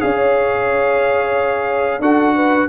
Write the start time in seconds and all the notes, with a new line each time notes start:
0.00 C#4 G#4 C#5 F5
2.00 D4 F#4 A4 F#5
2.35 B4